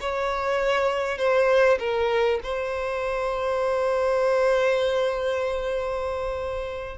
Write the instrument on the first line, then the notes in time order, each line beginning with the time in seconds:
violin
0.00 C#5
1.18 C5
1.79 A#4
2.43 C5